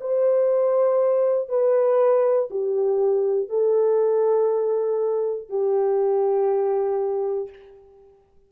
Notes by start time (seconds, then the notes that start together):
0.00 C5
1.48 B4
2.50 G4
3.49 A4
5.49 G4